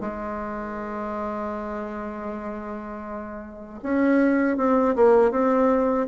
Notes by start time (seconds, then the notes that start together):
0.00 G#3
3.83 C#4
4.57 C4
4.95 A#3
5.31 C4